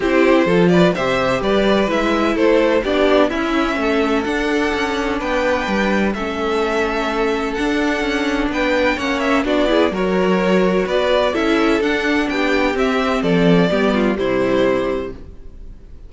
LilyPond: <<
  \new Staff \with { instrumentName = "violin" } { \time 4/4 \tempo 4 = 127 c''4. d''8 e''4 d''4 | e''4 c''4 d''4 e''4~ | e''4 fis''2 g''4~ | g''4 e''2. |
fis''2 g''4 fis''8 e''8 | d''4 cis''2 d''4 | e''4 fis''4 g''4 e''4 | d''2 c''2 | }
  \new Staff \with { instrumentName = "violin" } { \time 4/4 g'4 a'8 b'8 c''4 b'4~ | b'4 a'4 g'4 e'4 | a'2. b'4~ | b'4 a'2.~ |
a'2 b'4 cis''4 | fis'8 gis'8 ais'2 b'4 | a'2 g'2 | a'4 g'8 f'8 e'2 | }
  \new Staff \with { instrumentName = "viola" } { \time 4/4 e'4 f'4 g'2 | e'2 d'4 cis'4~ | cis'4 d'2.~ | d'4 cis'2. |
d'2. cis'4 | d'8 e'8 fis'2. | e'4 d'2 c'4~ | c'4 b4 g2 | }
  \new Staff \with { instrumentName = "cello" } { \time 4/4 c'4 f4 c4 g4 | gis4 a4 b4 cis'4 | a4 d'4 cis'4 b4 | g4 a2. |
d'4 cis'4 b4 ais4 | b4 fis2 b4 | cis'4 d'4 b4 c'4 | f4 g4 c2 | }
>>